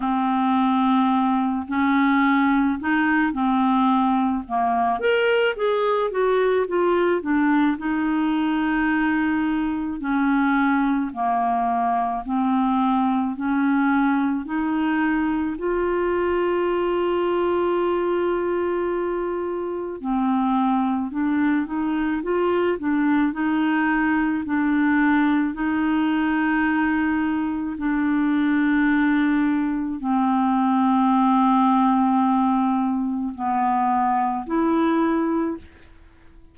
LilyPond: \new Staff \with { instrumentName = "clarinet" } { \time 4/4 \tempo 4 = 54 c'4. cis'4 dis'8 c'4 | ais8 ais'8 gis'8 fis'8 f'8 d'8 dis'4~ | dis'4 cis'4 ais4 c'4 | cis'4 dis'4 f'2~ |
f'2 c'4 d'8 dis'8 | f'8 d'8 dis'4 d'4 dis'4~ | dis'4 d'2 c'4~ | c'2 b4 e'4 | }